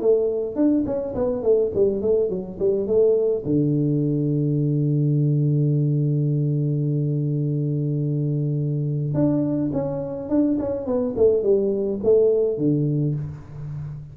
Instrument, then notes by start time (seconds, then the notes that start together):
tuba
0.00 A3
0.55 D4
0.85 C#4
1.14 B3
1.43 A3
1.74 G3
2.01 A3
2.29 F#3
2.59 G3
2.86 A3
3.45 D3
9.14 D4
9.72 C#4
10.29 D4
10.59 C#4
10.85 B3
11.16 A3
11.42 G3
12.03 A3
12.57 D3